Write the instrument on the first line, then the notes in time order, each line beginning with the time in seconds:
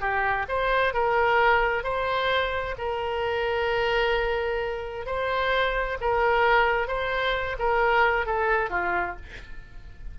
oboe
0.00 G4
0.48 C5
0.93 A#4
1.83 C5
2.78 A#4
5.06 C5
6.01 A#4
6.88 C5
7.59 A#4
8.26 A4
8.70 F4